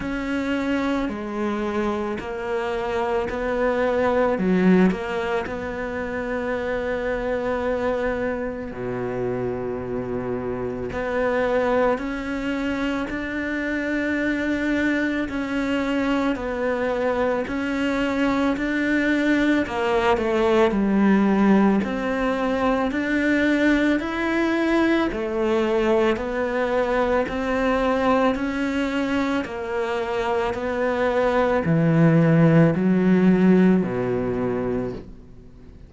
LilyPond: \new Staff \with { instrumentName = "cello" } { \time 4/4 \tempo 4 = 55 cis'4 gis4 ais4 b4 | fis8 ais8 b2. | b,2 b4 cis'4 | d'2 cis'4 b4 |
cis'4 d'4 ais8 a8 g4 | c'4 d'4 e'4 a4 | b4 c'4 cis'4 ais4 | b4 e4 fis4 b,4 | }